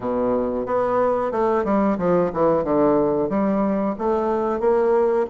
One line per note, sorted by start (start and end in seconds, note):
0.00 0.66 B2
0.66 1.31 B3
1.31 1.64 A3
1.64 1.97 G3
1.98 2.31 F3
2.33 2.64 E3
2.64 3.29 D3
3.29 3.95 G3
3.98 4.60 A3
4.60 5.26 A#3